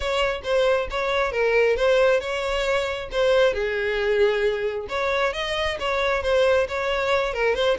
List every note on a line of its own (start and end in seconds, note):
0.00 0.41 C#5
0.43 0.88 C5
0.90 1.32 C#5
1.32 1.76 A#4
1.76 2.20 C5
2.20 3.09 C#5
3.11 3.53 C5
3.53 4.86 G#4
4.88 5.33 C#5
5.33 5.77 D#5
5.79 6.22 C#5
6.22 6.67 C5
6.68 7.33 C#5
7.33 7.55 A#4
7.55 7.77 C5